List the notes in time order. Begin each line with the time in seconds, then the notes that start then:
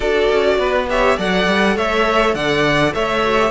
0.00 D4 F#4 A4 D5
0.30 C#4
0.58 B3 B4
0.89 G4 C#5 E5
1.17 F#3 A4 D5 F#5
1.47 G3
1.76 A3 C#5 E5
2.34 D3 D5 F#5
2.94 A3 C#5 E5
3.23 F#4
3.38 G4